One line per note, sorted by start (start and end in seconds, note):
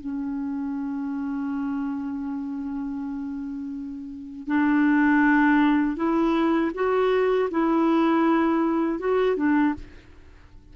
0.00 4.47 C#4
4.47 5.97 D4
5.97 6.72 E4
6.75 7.50 F#4
7.51 8.99 E4
8.99 9.37 F#4
9.37 9.74 D4